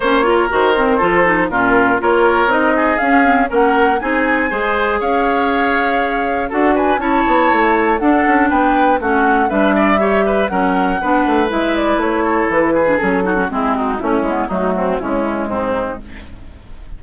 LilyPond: <<
  \new Staff \with { instrumentName = "flute" } { \time 4/4 \tempo 4 = 120 cis''4 c''2 ais'4 | cis''4 dis''4 f''4 fis''4 | gis''2 f''2~ | f''4 fis''8 gis''8 a''2 |
fis''4 g''4 fis''4 e''4~ | e''4 fis''2 e''8 d''8 | cis''4 b'4 a'4 gis'8 fis'8 | e'4 fis'4 e'4 dis'4 | }
  \new Staff \with { instrumentName = "oboe" } { \time 4/4 c''8 ais'4. a'4 f'4 | ais'4. gis'4. ais'4 | gis'4 c''4 cis''2~ | cis''4 a'8 b'8 cis''2 |
a'4 b'4 fis'4 b'8 d''8 | cis''8 b'8 ais'4 b'2~ | b'8 a'4 gis'4 fis'8 e'8 dis'8 | cis'4 dis'8 c'8 cis'4 c'4 | }
  \new Staff \with { instrumentName = "clarinet" } { \time 4/4 cis'8 f'8 fis'8 c'8 f'8 dis'8 cis'4 | f'4 dis'4 cis'8 c'8 cis'4 | dis'4 gis'2.~ | gis'4 fis'4 e'2 |
d'2 cis'4 d'4 | g'4 cis'4 d'4 e'4~ | e'4.~ e'16 d'16 cis'8 dis'16 cis'16 c'4 | cis'8 b8 a4 gis2 | }
  \new Staff \with { instrumentName = "bassoon" } { \time 4/4 ais4 dis4 f4 ais,4 | ais4 c'4 cis'4 ais4 | c'4 gis4 cis'2~ | cis'4 d'4 cis'8 b8 a4 |
d'8 cis'8 b4 a4 g4~ | g4 fis4 b8 a8 gis4 | a4 e4 fis4 gis4 | a8 gis8 fis4 cis4 gis,4 | }
>>